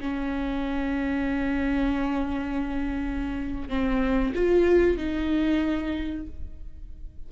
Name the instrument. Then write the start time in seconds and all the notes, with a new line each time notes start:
viola
0.00 C#4
3.69 C4
4.34 F4
4.97 D#4